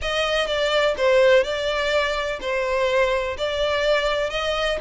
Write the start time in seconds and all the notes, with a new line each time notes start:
0.01 D#5
0.46 D5
0.97 C5
1.43 D5
2.40 C5
3.37 D5
4.30 D#5